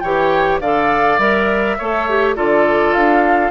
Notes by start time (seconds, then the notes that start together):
0.00 E3 G4 C#5 G5
0.60 D3 A4 D5 F5
1.18 G3 A#4 E5
1.78 A3 A4 C#5
2.09 G4
2.35 D3 F4 A4 D5
2.93 D4 F5